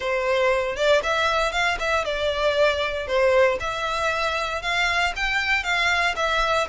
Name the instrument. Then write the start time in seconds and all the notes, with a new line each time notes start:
violin
0.00 C5
0.76 D5
1.03 E5
1.52 F5
1.79 E5
2.04 D5
3.07 C5
3.59 E5
4.62 F5
5.15 G5
5.63 F5
6.16 E5